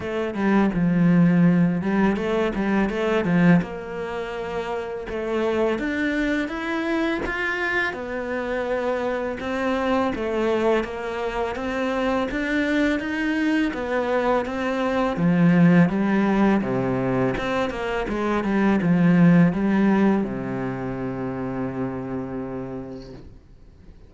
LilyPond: \new Staff \with { instrumentName = "cello" } { \time 4/4 \tempo 4 = 83 a8 g8 f4. g8 a8 g8 | a8 f8 ais2 a4 | d'4 e'4 f'4 b4~ | b4 c'4 a4 ais4 |
c'4 d'4 dis'4 b4 | c'4 f4 g4 c4 | c'8 ais8 gis8 g8 f4 g4 | c1 | }